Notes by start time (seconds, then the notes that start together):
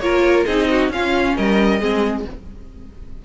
0.00 A#3 F4 A#4 C#5
0.46 C4 D#4 G#4 D#5
0.70 F#4
0.90 C#4 F4 F5
1.37 G3 A#4 D#5
1.81 G#3 C4 G#4